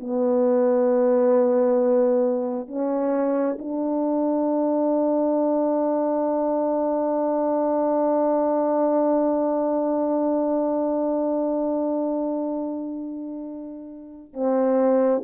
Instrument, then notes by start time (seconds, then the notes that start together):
horn
0.00 B3
2.68 C#4
3.59 D4
14.33 C4